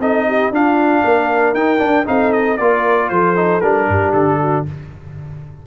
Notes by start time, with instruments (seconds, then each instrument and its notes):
0.00 tuba C4, trombone D#4, horn A4, trumpet D#5
0.28 horn G4
0.51 tuba D4, trombone D4, horn F4, trumpet F5
1.04 tuba A#3, horn A#4
1.54 tuba D#4, trombone D#4, trumpet G5
1.79 trombone D4, tuba D4
2.06 tuba C4, trombone D#4, horn A4, trumpet F5
2.33 trumpet D#5
2.58 tuba A#3, trombone F4, horn A#4, trumpet D5
3.09 tuba F3, horn A4, trumpet C5
3.36 trombone D#4
3.61 tuba G3, trombone D4, trumpet A#4
3.89 tuba G2, horn G4
4.13 tuba D3, trumpet A4
4.41 horn F#4